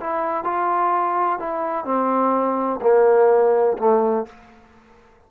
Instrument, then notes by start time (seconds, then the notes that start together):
trombone
0.00 E4
0.44 F4
1.39 E4
1.85 C4
2.82 A#3
3.78 A3